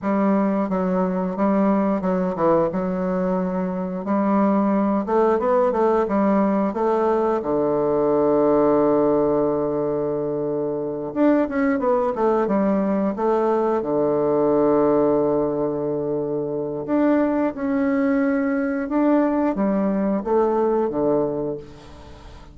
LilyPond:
\new Staff \with { instrumentName = "bassoon" } { \time 4/4 \tempo 4 = 89 g4 fis4 g4 fis8 e8 | fis2 g4. a8 | b8 a8 g4 a4 d4~ | d1~ |
d8 d'8 cis'8 b8 a8 g4 a8~ | a8 d2.~ d8~ | d4 d'4 cis'2 | d'4 g4 a4 d4 | }